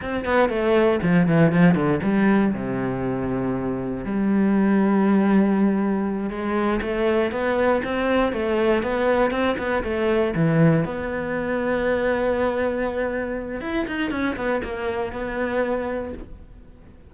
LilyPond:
\new Staff \with { instrumentName = "cello" } { \time 4/4 \tempo 4 = 119 c'8 b8 a4 f8 e8 f8 d8 | g4 c2. | g1~ | g8 gis4 a4 b4 c'8~ |
c'8 a4 b4 c'8 b8 a8~ | a8 e4 b2~ b8~ | b2. e'8 dis'8 | cis'8 b8 ais4 b2 | }